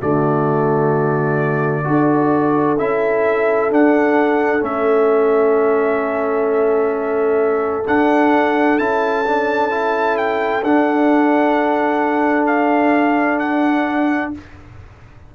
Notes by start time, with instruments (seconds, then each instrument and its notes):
0.00 tuba D3, trombone A3, horn F#4, trumpet D5
1.84 tuba D4, trombone F#4, horn A4
2.79 tuba C#4, trombone E4, trumpet E5
3.71 tuba D4, trombone D4, trumpet F#5
4.60 tuba A3, trombone C#4, trumpet E5
7.87 tuba D4, trombone D4, trumpet F#5
8.79 tuba C#4, trombone E4, trumpet A5
9.26 trombone D4
9.71 trombone E4
10.17 trumpet G5
10.63 tuba D4, trombone D4, trumpet F#5
12.47 trumpet F5
13.39 trumpet F#5